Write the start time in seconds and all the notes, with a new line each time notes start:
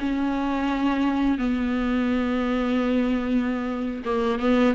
0.00 C#4
1.38 B3
4.05 A#3
4.39 B3